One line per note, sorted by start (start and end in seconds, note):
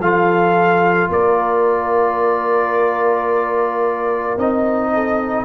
0.00 1.09 F3
0.00 4.39 F4
0.00 1.11 A4
0.00 1.11 F5
1.10 4.37 A#3
1.10 4.93 A#4
1.10 4.39 D5
4.38 5.45 C4
4.38 5.45 D#4
4.38 5.45 D#5
4.93 5.45 A4